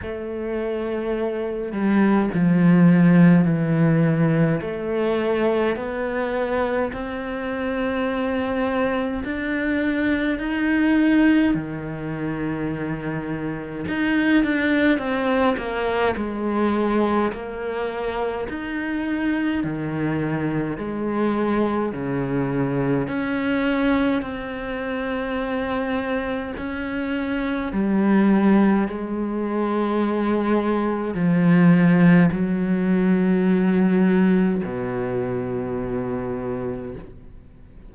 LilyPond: \new Staff \with { instrumentName = "cello" } { \time 4/4 \tempo 4 = 52 a4. g8 f4 e4 | a4 b4 c'2 | d'4 dis'4 dis2 | dis'8 d'8 c'8 ais8 gis4 ais4 |
dis'4 dis4 gis4 cis4 | cis'4 c'2 cis'4 | g4 gis2 f4 | fis2 b,2 | }